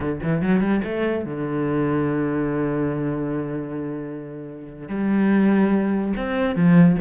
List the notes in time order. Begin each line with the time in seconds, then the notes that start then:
0.00 D3
0.22 E3
0.41 F#3
0.60 G3
0.83 A3
1.24 D3
4.88 G3
6.16 C4
6.55 F3